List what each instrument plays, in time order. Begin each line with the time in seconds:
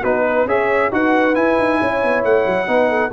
0.00 tuba B3, trombone D#4, horn F#4, trumpet B4
0.26 horn B4
0.45 tuba C#4, trombone G#4, horn C#5, trumpet E5
0.92 tuba D#4, trombone F#4, horn B4, trumpet F#5
1.35 trombone E4, tuba E4, trumpet G#5
1.59 tuba D#4
1.80 tuba C#4, horn C#5
2.03 tuba B3
2.24 tuba A3, trumpet F#5
2.46 tuba F#3
2.66 tuba B3, trombone D#4, horn B4
2.89 horn A4